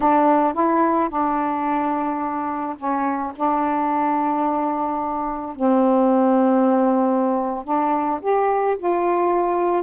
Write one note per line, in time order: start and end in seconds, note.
0.00 0.53 D4
0.53 1.09 E4
1.09 2.76 D4
2.77 3.32 C#4
3.35 5.56 D4
5.56 7.64 C4
7.64 8.19 D4
8.21 8.77 G4
8.78 9.82 F4